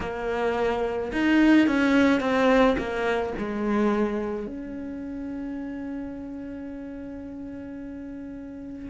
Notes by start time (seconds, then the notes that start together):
0.00 A#3
1.12 D#4
1.67 C#4
2.20 C4
2.78 A#3
3.37 G#3
4.46 C#4